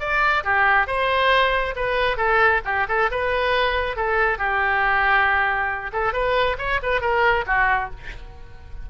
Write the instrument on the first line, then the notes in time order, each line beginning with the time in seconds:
oboe
0.00 D5
0.44 G4
0.87 C5
1.76 B4
2.17 A4
2.65 G4
2.88 A4
3.11 B4
3.96 A4
4.39 G4
5.93 A4
6.13 B4
6.59 C#5
6.83 B4
7.01 A#4
7.47 F#4